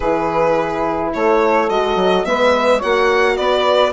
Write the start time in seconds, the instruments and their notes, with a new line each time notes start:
0.00 bassoon E3, horn E4, saxophone G#4, violin B4
1.13 bassoon A3, saxophone A4, violin C#5
1.69 bassoon G#3, horn F#4, violin D#5
1.95 bassoon F#3
2.25 bassoon G#3, horn B3, saxophone B4, violin E5
2.77 horn F#4, saxophone C#5, violin F#5
2.83 bassoon A#3
3.36 bassoon B3, saxophone B4, violin D5